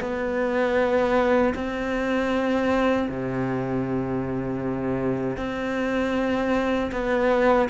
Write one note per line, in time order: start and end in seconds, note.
0.00 1.54 B3
1.55 3.08 C4
3.09 5.37 C3
5.37 6.91 C4
6.92 7.69 B3